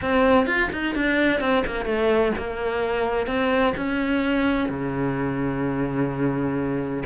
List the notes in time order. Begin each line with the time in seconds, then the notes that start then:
0.01 C4
0.46 F4
0.72 D#4
0.95 D4
1.40 C4
1.66 A#3
1.85 A3
2.37 A#3
3.26 C4
3.76 C#4
4.69 C#3